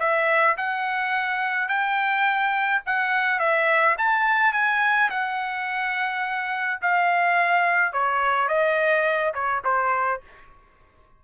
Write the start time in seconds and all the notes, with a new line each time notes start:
0.00 E5
0.58 F#5
1.69 G5
2.86 F#5
3.40 E5
3.98 A5
4.53 G#5
5.11 F#5
6.82 F5
7.93 C#5
8.49 D#5
9.34 C#5
9.65 C5